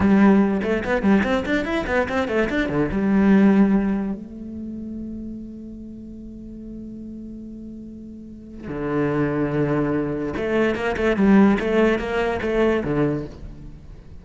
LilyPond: \new Staff \with { instrumentName = "cello" } { \time 4/4 \tempo 4 = 145 g4. a8 b8 g8 c'8 d'8 | e'8 b8 c'8 a8 d'8 d8 g4~ | g2 a2~ | a1~ |
a1~ | a4 d2.~ | d4 a4 ais8 a8 g4 | a4 ais4 a4 d4 | }